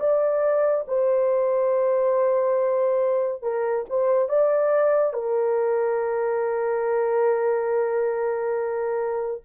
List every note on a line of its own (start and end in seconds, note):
0.00 0.86 D5
0.88 3.43 C5
3.43 3.86 A#4
3.90 4.29 C5
4.29 5.14 D5
5.14 9.42 A#4